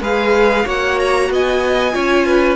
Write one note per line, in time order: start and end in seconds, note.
0.00 0.65 G#3
0.00 0.64 G#4
0.00 0.65 B4
0.00 0.68 F5
0.64 1.29 A#3
0.64 1.92 F#4
0.64 1.29 C#5
0.64 0.99 F#5
0.99 1.31 A#5
1.29 1.94 B3
1.29 1.94 D#5
1.29 2.55 G#5
1.92 2.55 C#4
1.92 2.55 F4
1.92 2.26 C#5
2.26 2.55 B4